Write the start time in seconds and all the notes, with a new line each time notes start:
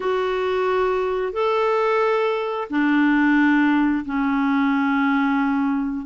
0.00 F#4
1.33 A4
2.70 D4
4.05 C#4